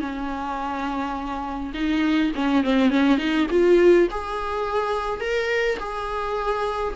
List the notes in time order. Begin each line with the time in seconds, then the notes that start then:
0.00 C#4
1.74 D#4
2.35 C#4
2.64 C4
2.90 C#4
3.18 D#4
3.50 F4
4.11 G#4
5.20 A#4
5.79 G#4